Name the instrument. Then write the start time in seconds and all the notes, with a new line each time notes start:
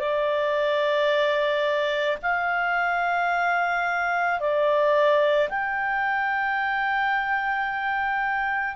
clarinet
0.00 D5
2.23 F5
4.40 D5
5.49 G5